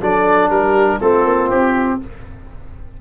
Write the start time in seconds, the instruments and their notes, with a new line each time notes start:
0.00 tuba F#3, trombone D4, horn A4, oboe D5
0.49 tuba G3, horn G4, oboe A#4
1.00 tuba A3, trombone C4, horn F4, oboe A4
1.24 tuba A#3
1.49 tuba C4, oboe G4